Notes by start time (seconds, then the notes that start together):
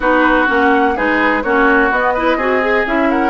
0.00 B3 D#4 F#4 B4
0.47 A#3 C#4 F#5
0.95 G#3 D#4 G#4 B4
1.42 A#3 C#4 F#4 C#5
1.90 B3 D#5
2.13 E4 B4
2.36 C4 F#4 G#4
2.61 G#4
2.85 C#4 E4 E5
3.10 A#4 F#5